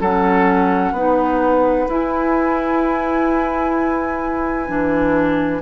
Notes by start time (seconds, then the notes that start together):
0.00 F#3 C#4 A4 F#5
0.91 B3 D#4 B4
1.88 E4 G#5
4.67 E3 D4